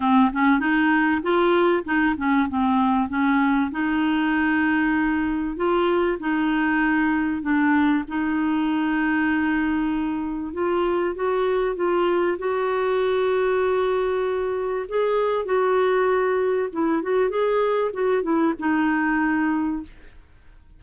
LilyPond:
\new Staff \with { instrumentName = "clarinet" } { \time 4/4 \tempo 4 = 97 c'8 cis'8 dis'4 f'4 dis'8 cis'8 | c'4 cis'4 dis'2~ | dis'4 f'4 dis'2 | d'4 dis'2.~ |
dis'4 f'4 fis'4 f'4 | fis'1 | gis'4 fis'2 e'8 fis'8 | gis'4 fis'8 e'8 dis'2 | }